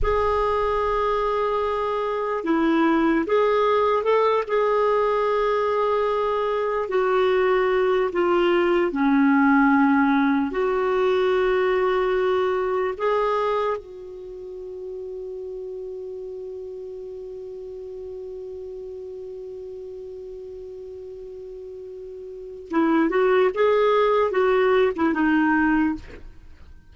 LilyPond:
\new Staff \with { instrumentName = "clarinet" } { \time 4/4 \tempo 4 = 74 gis'2. e'4 | gis'4 a'8 gis'2~ gis'8~ | gis'8 fis'4. f'4 cis'4~ | cis'4 fis'2. |
gis'4 fis'2.~ | fis'1~ | fis'1 | e'8 fis'8 gis'4 fis'8. e'16 dis'4 | }